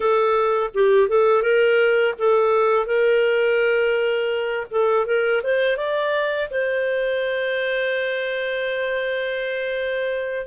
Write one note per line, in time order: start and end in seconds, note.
0.00 0.70 A4
0.74 1.08 G4
1.08 1.42 A4
1.42 2.14 A#4
2.18 2.86 A4
2.86 4.66 A#4
4.70 5.06 A4
5.06 5.42 A#4
5.42 5.76 C5
5.76 6.49 D5
6.50 10.46 C5